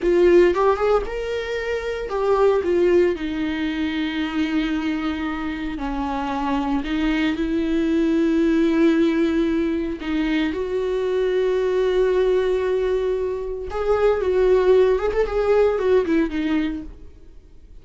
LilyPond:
\new Staff \with { instrumentName = "viola" } { \time 4/4 \tempo 4 = 114 f'4 g'8 gis'8 ais'2 | g'4 f'4 dis'2~ | dis'2. cis'4~ | cis'4 dis'4 e'2~ |
e'2. dis'4 | fis'1~ | fis'2 gis'4 fis'4~ | fis'8 gis'16 a'16 gis'4 fis'8 e'8 dis'4 | }